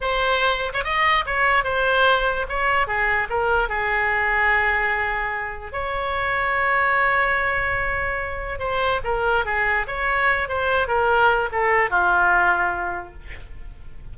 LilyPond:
\new Staff \with { instrumentName = "oboe" } { \time 4/4 \tempo 4 = 146 c''4.~ c''16 cis''16 dis''4 cis''4 | c''2 cis''4 gis'4 | ais'4 gis'2.~ | gis'2 cis''2~ |
cis''1~ | cis''4 c''4 ais'4 gis'4 | cis''4. c''4 ais'4. | a'4 f'2. | }